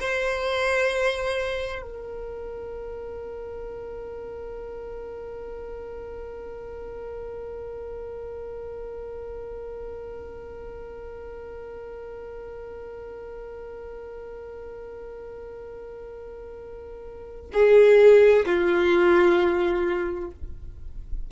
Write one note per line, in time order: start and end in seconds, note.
0.00 1.82 C5
1.82 17.51 A#4
17.53 18.46 G#4
18.46 20.31 F4